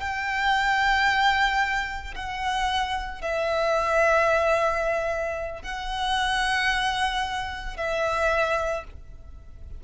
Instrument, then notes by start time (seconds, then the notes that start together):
violin
0.00 G5
2.15 F#5
3.21 E5
5.62 F#5
7.77 E5